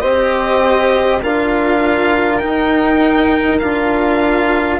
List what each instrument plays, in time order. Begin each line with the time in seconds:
0.00 bassoon C4, cello G4, horn C5, violin D#5
1.23 bassoon D4, cello F4, horn A#4, violin F5
2.38 cello D#4, violin G5
2.45 bassoon D#4
3.59 bassoon D4, cello F4, violin F5